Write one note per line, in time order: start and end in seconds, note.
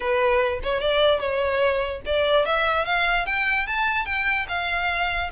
0.00 0.60 B4
0.63 0.80 C#5
0.80 1.20 D5
1.20 2.01 C#5
2.05 2.45 D5
2.45 2.85 E5
2.85 3.26 F5
3.26 3.66 G5
3.66 4.05 A5
4.05 4.46 G5
4.48 5.30 F5